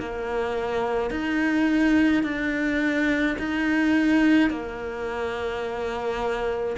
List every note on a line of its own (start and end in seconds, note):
0.00 1.11 A#3
1.11 2.23 D#4
2.23 3.37 D4
3.39 4.50 D#4
4.50 6.77 A#3